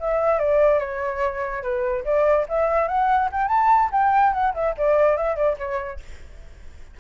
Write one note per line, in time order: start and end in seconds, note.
0.00 0.40 E5
0.40 0.80 D5
0.80 1.63 C#5
1.63 2.05 B4
2.05 2.47 D5
2.49 2.88 E5
2.88 3.30 F#5
3.32 3.49 G5
3.49 3.90 A5
3.92 4.33 G5
4.33 4.54 F#5
4.55 4.76 E5
4.78 5.18 D5
5.18 5.36 E5
5.36 5.57 D5
5.59 6.00 C#5